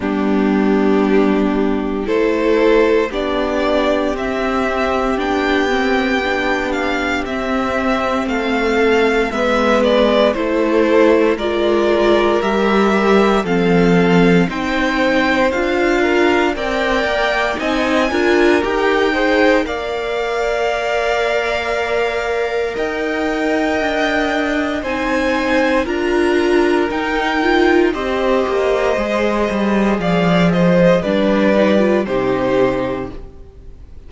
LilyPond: <<
  \new Staff \with { instrumentName = "violin" } { \time 4/4 \tempo 4 = 58 g'2 c''4 d''4 | e''4 g''4. f''8 e''4 | f''4 e''8 d''8 c''4 d''4 | e''4 f''4 g''4 f''4 |
g''4 gis''4 g''4 f''4~ | f''2 g''2 | gis''4 ais''4 g''4 dis''4~ | dis''4 f''8 dis''8 d''4 c''4 | }
  \new Staff \with { instrumentName = "violin" } { \time 4/4 d'2 a'4 g'4~ | g'1 | a'4 b'4 a'4 ais'4~ | ais'4 a'4 c''4. ais'8 |
d''4 dis''8 ais'4 c''8 d''4~ | d''2 dis''2 | c''4 ais'2 c''4~ | c''4 d''8 c''8 b'4 g'4 | }
  \new Staff \with { instrumentName = "viola" } { \time 4/4 b2 e'4 d'4 | c'4 d'8 c'8 d'4 c'4~ | c'4 b4 e'4 f'4 | g'4 c'4 dis'4 f'4 |
ais'4 dis'8 f'8 g'8 gis'8 ais'4~ | ais'1 | dis'4 f'4 dis'8 f'8 g'4 | gis'2 d'8 dis'16 f'16 dis'4 | }
  \new Staff \with { instrumentName = "cello" } { \time 4/4 g2 a4 b4 | c'4 b2 c'4 | a4 gis4 a4 gis4 | g4 f4 c'4 d'4 |
c'8 ais8 c'8 d'8 dis'4 ais4~ | ais2 dis'4 d'4 | c'4 d'4 dis'4 c'8 ais8 | gis8 g8 f4 g4 c4 | }
>>